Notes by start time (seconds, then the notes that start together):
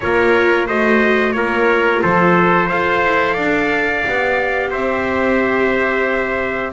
0.00 A#3 F4 A#4 C#5
0.66 A3 F#4 C5 D#5
1.32 A#3 F4 A#4 C#5
2.02 F3 A4 C5
2.66 F4 A4 C5 F5
3.04 E4
3.33 D4 D5
4.03 B3 G4
4.70 C4 C5 E5